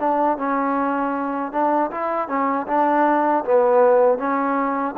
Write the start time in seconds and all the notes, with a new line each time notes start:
0.00 D4
0.38 C#4
1.52 D4
1.91 E4
2.29 C#4
2.68 D4
3.45 B3
4.19 C#4